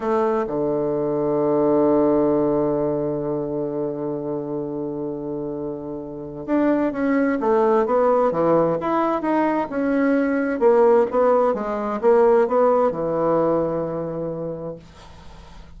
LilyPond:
\new Staff \with { instrumentName = "bassoon" } { \time 4/4 \tempo 4 = 130 a4 d2.~ | d1~ | d1~ | d2 d'4 cis'4 |
a4 b4 e4 e'4 | dis'4 cis'2 ais4 | b4 gis4 ais4 b4 | e1 | }